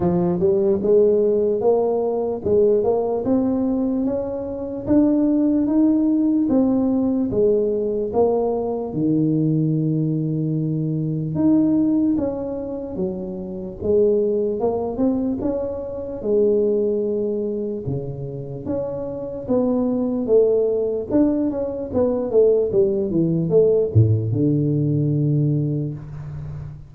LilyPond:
\new Staff \with { instrumentName = "tuba" } { \time 4/4 \tempo 4 = 74 f8 g8 gis4 ais4 gis8 ais8 | c'4 cis'4 d'4 dis'4 | c'4 gis4 ais4 dis4~ | dis2 dis'4 cis'4 |
fis4 gis4 ais8 c'8 cis'4 | gis2 cis4 cis'4 | b4 a4 d'8 cis'8 b8 a8 | g8 e8 a8 a,8 d2 | }